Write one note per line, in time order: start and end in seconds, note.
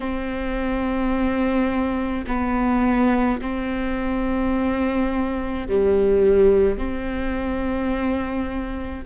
0.00 2.24 C4
2.27 3.40 B3
3.41 5.67 C4
5.68 6.78 G3
6.78 9.04 C4